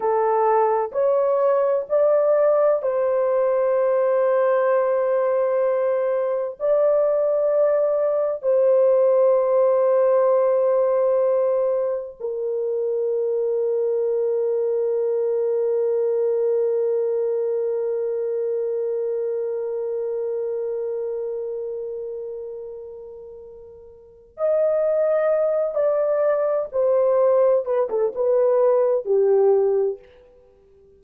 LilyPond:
\new Staff \with { instrumentName = "horn" } { \time 4/4 \tempo 4 = 64 a'4 cis''4 d''4 c''4~ | c''2. d''4~ | d''4 c''2.~ | c''4 ais'2.~ |
ais'1~ | ais'1~ | ais'2 dis''4. d''8~ | d''8 c''4 b'16 a'16 b'4 g'4 | }